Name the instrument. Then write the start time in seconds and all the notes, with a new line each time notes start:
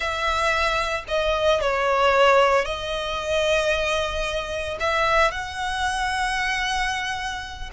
violin
0.00 E5
1.08 D#5
1.60 C#5
2.65 D#5
4.80 E5
5.31 F#5